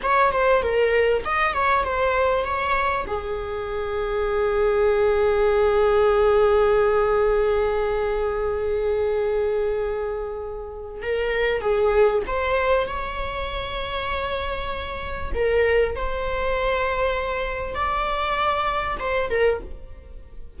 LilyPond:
\new Staff \with { instrumentName = "viola" } { \time 4/4 \tempo 4 = 98 cis''8 c''8 ais'4 dis''8 cis''8 c''4 | cis''4 gis'2.~ | gis'1~ | gis'1~ |
gis'2 ais'4 gis'4 | c''4 cis''2.~ | cis''4 ais'4 c''2~ | c''4 d''2 c''8 ais'8 | }